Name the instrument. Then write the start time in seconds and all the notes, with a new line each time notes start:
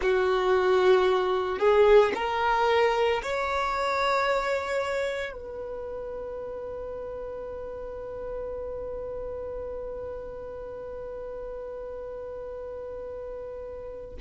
violin
0.01 F#4
1.58 G#4
2.14 A#4
3.22 C#5
5.32 B4